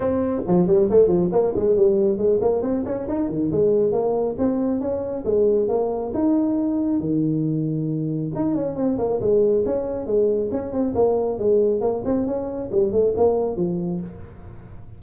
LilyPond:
\new Staff \with { instrumentName = "tuba" } { \time 4/4 \tempo 4 = 137 c'4 f8 g8 a8 f8 ais8 gis8 | g4 gis8 ais8 c'8 cis'8 dis'8 dis8 | gis4 ais4 c'4 cis'4 | gis4 ais4 dis'2 |
dis2. dis'8 cis'8 | c'8 ais8 gis4 cis'4 gis4 | cis'8 c'8 ais4 gis4 ais8 c'8 | cis'4 g8 a8 ais4 f4 | }